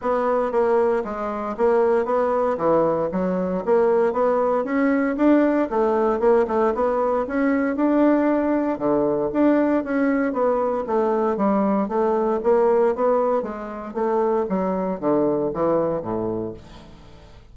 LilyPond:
\new Staff \with { instrumentName = "bassoon" } { \time 4/4 \tempo 4 = 116 b4 ais4 gis4 ais4 | b4 e4 fis4 ais4 | b4 cis'4 d'4 a4 | ais8 a8 b4 cis'4 d'4~ |
d'4 d4 d'4 cis'4 | b4 a4 g4 a4 | ais4 b4 gis4 a4 | fis4 d4 e4 a,4 | }